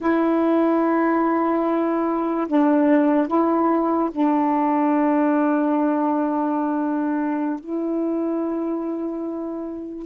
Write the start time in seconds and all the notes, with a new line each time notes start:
0.00 E4
2.47 D4
3.27 E4
4.11 D4
7.60 E4